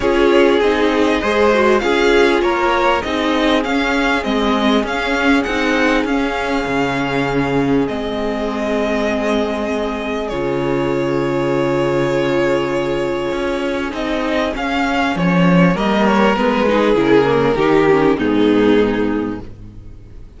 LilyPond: <<
  \new Staff \with { instrumentName = "violin" } { \time 4/4 \tempo 4 = 99 cis''4 dis''2 f''4 | cis''4 dis''4 f''4 dis''4 | f''4 fis''4 f''2~ | f''4 dis''2.~ |
dis''4 cis''2.~ | cis''2. dis''4 | f''4 cis''4 dis''8 cis''8 b'4 | ais'2 gis'2 | }
  \new Staff \with { instrumentName = "violin" } { \time 4/4 gis'2 c''4 gis'4 | ais'4 gis'2.~ | gis'1~ | gis'1~ |
gis'1~ | gis'1~ | gis'2 ais'4. gis'8~ | gis'4 g'4 dis'2 | }
  \new Staff \with { instrumentName = "viola" } { \time 4/4 f'4 dis'4 gis'8 fis'8 f'4~ | f'4 dis'4 cis'4 c'4 | cis'4 dis'4 cis'2~ | cis'4 c'2.~ |
c'4 f'2.~ | f'2. dis'4 | cis'2 ais4 b8 dis'8 | e'8 ais8 dis'8 cis'8 b2 | }
  \new Staff \with { instrumentName = "cello" } { \time 4/4 cis'4 c'4 gis4 cis'4 | ais4 c'4 cis'4 gis4 | cis'4 c'4 cis'4 cis4~ | cis4 gis2.~ |
gis4 cis2.~ | cis2 cis'4 c'4 | cis'4 f4 g4 gis4 | cis4 dis4 gis,2 | }
>>